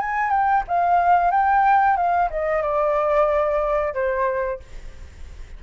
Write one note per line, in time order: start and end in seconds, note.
0.00 0.30 G#5
0.30 0.63 G5
0.68 1.31 F5
1.31 1.97 G5
1.97 2.30 F5
2.30 2.62 D#5
2.62 3.94 D5
3.94 4.60 C5